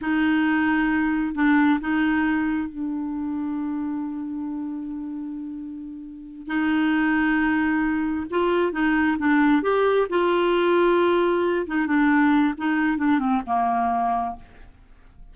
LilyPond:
\new Staff \with { instrumentName = "clarinet" } { \time 4/4 \tempo 4 = 134 dis'2. d'4 | dis'2 d'2~ | d'1~ | d'2~ d'8 dis'4.~ |
dis'2~ dis'8 f'4 dis'8~ | dis'8 d'4 g'4 f'4.~ | f'2 dis'8 d'4. | dis'4 d'8 c'8 ais2 | }